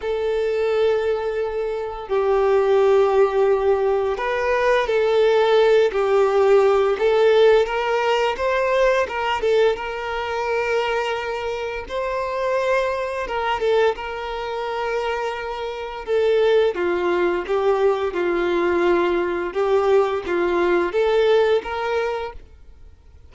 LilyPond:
\new Staff \with { instrumentName = "violin" } { \time 4/4 \tempo 4 = 86 a'2. g'4~ | g'2 b'4 a'4~ | a'8 g'4. a'4 ais'4 | c''4 ais'8 a'8 ais'2~ |
ais'4 c''2 ais'8 a'8 | ais'2. a'4 | f'4 g'4 f'2 | g'4 f'4 a'4 ais'4 | }